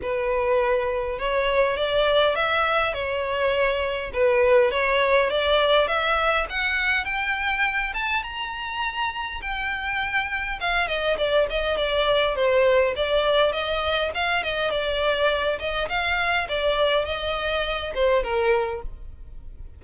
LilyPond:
\new Staff \with { instrumentName = "violin" } { \time 4/4 \tempo 4 = 102 b'2 cis''4 d''4 | e''4 cis''2 b'4 | cis''4 d''4 e''4 fis''4 | g''4. a''8 ais''2 |
g''2 f''8 dis''8 d''8 dis''8 | d''4 c''4 d''4 dis''4 | f''8 dis''8 d''4. dis''8 f''4 | d''4 dis''4. c''8 ais'4 | }